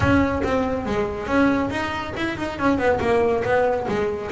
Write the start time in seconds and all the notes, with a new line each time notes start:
0.00 C#4
0.43 C4
0.85 G#3
1.26 C#4
1.70 D#4
2.16 E4
2.37 D#4
2.58 C#4
2.77 B3
3.00 A#3
3.44 B3
3.88 G#3